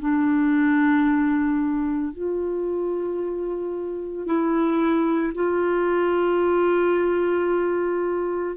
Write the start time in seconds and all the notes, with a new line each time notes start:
0.00 D4
2.13 F4
4.26 E4
5.35 F4